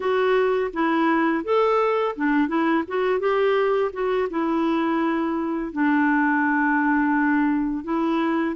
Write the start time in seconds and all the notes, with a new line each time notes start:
0.00 F#4
0.73 E4
1.44 A4
2.16 D4
2.47 E4
2.87 F#4
3.19 G4
3.93 F#4
4.30 E4
5.72 D4
7.84 E4